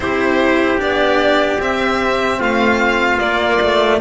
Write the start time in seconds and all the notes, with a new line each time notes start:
0.00 C4 E4 G4 C5
0.77 B3 D4 D5
1.58 C4 E5
2.39 A3 F4 F5
3.19 A#3 D5
3.61 A3